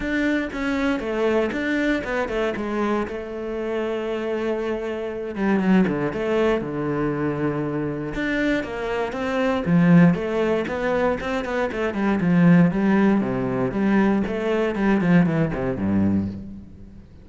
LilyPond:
\new Staff \with { instrumentName = "cello" } { \time 4/4 \tempo 4 = 118 d'4 cis'4 a4 d'4 | b8 a8 gis4 a2~ | a2~ a8 g8 fis8 d8 | a4 d2. |
d'4 ais4 c'4 f4 | a4 b4 c'8 b8 a8 g8 | f4 g4 c4 g4 | a4 g8 f8 e8 c8 g,4 | }